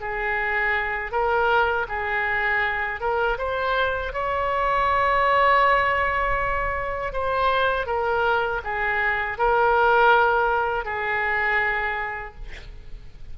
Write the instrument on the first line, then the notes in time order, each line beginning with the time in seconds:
oboe
0.00 G#4
1.11 A#4
1.88 G#4
3.00 A#4
3.38 C5
4.13 C#5
7.12 C5
7.86 A#4
8.64 G#4
9.38 A#4
10.85 G#4